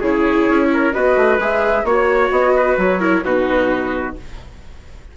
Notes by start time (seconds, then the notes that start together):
0.00 C#3 E4 G#4 C#5
0.48 C#4
0.73 A#4
0.93 B3 F#4 B4 D#5
1.17 A3
1.38 G#3 G#4 E5
1.84 A#3 F#4 C#5
2.31 B3 D#5
2.56 B4
2.77 F#3 C#5
3.00 E4 A#4
3.24 B2 D#4 F#4 B4